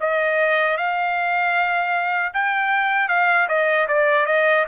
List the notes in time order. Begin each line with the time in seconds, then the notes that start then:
0.00 D#5
0.77 F5
2.33 G5
3.08 F5
3.48 D#5
3.88 D5
4.26 D#5